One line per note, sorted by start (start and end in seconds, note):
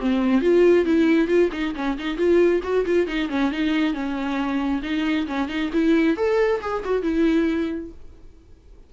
0.00 0.41 C4
0.41 0.85 F4
0.85 1.27 E4
1.27 1.49 F4
1.52 1.74 D#4
1.75 1.97 C#4
1.98 2.17 D#4
2.17 2.61 F4
2.63 2.85 F#4
2.85 3.07 F4
3.07 3.29 D#4
3.29 3.51 C#4
3.51 3.93 D#4
3.93 4.81 C#4
4.82 5.26 D#4
5.27 5.48 C#4
5.48 5.70 D#4
5.73 6.16 E4
6.16 6.61 A4
6.61 6.83 G#4
6.84 7.02 F#4
7.02 7.90 E4